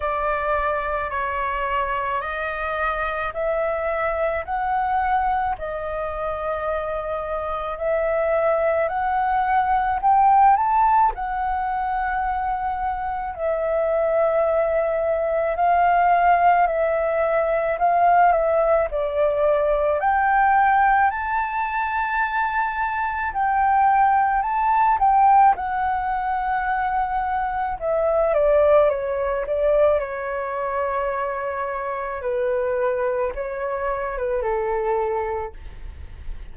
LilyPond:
\new Staff \with { instrumentName = "flute" } { \time 4/4 \tempo 4 = 54 d''4 cis''4 dis''4 e''4 | fis''4 dis''2 e''4 | fis''4 g''8 a''8 fis''2 | e''2 f''4 e''4 |
f''8 e''8 d''4 g''4 a''4~ | a''4 g''4 a''8 g''8 fis''4~ | fis''4 e''8 d''8 cis''8 d''8 cis''4~ | cis''4 b'4 cis''8. b'16 a'4 | }